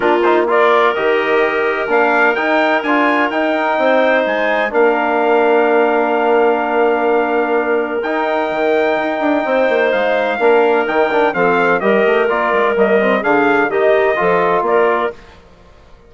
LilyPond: <<
  \new Staff \with { instrumentName = "trumpet" } { \time 4/4 \tempo 4 = 127 ais'8 c''8 d''4 dis''2 | f''4 g''4 gis''4 g''4~ | g''4 gis''4 f''2~ | f''1~ |
f''4 g''2.~ | g''4 f''2 g''4 | f''4 dis''4 d''4 dis''4 | f''4 dis''2 d''4 | }
  \new Staff \with { instrumentName = "clarinet" } { \time 4/4 f'4 ais'2.~ | ais'1 | c''2 ais'2~ | ais'1~ |
ais'1 | c''2 ais'2 | a'4 ais'2. | gis'4 g'4 a'4 ais'4 | }
  \new Staff \with { instrumentName = "trombone" } { \time 4/4 d'8 dis'8 f'4 g'2 | d'4 dis'4 f'4 dis'4~ | dis'2 d'2~ | d'1~ |
d'4 dis'2.~ | dis'2 d'4 dis'8 d'8 | c'4 g'4 f'4 ais8 c'8 | d'4 dis'4 f'2 | }
  \new Staff \with { instrumentName = "bassoon" } { \time 4/4 ais2 dis2 | ais4 dis'4 d'4 dis'4 | c'4 gis4 ais2~ | ais1~ |
ais4 dis'4 dis4 dis'8 d'8 | c'8 ais8 gis4 ais4 dis4 | f4 g8 a8 ais8 gis8 g4 | d4 dis4 f4 ais4 | }
>>